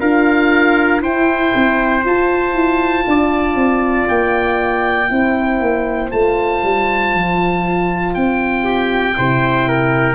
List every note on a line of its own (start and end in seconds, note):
0.00 1.01 D4
0.00 1.01 F4
0.00 1.02 A#4
0.00 1.02 F5
1.01 2.03 E4
1.01 1.52 E4
1.01 3.05 C5
1.01 2.05 G5
1.55 2.05 C4
2.05 2.54 F4
2.05 5.08 F4
2.05 4.08 A5
2.54 3.04 E4
3.07 3.55 D4
3.07 5.11 D5
3.55 4.06 C4
4.08 5.10 A#3
4.08 6.11 G5
5.08 5.61 C4
5.08 6.10 E4
5.08 8.64 C5
5.61 6.11 A#3
6.10 6.63 A3
6.10 9.15 F4
6.10 8.14 A5
6.63 7.14 G3
7.14 8.16 F3
8.14 9.18 C4
8.14 10.15 G5
8.64 9.15 G4
9.16 10.15 C3
9.16 10.15 E4
9.16 9.68 C5
9.68 10.15 A#4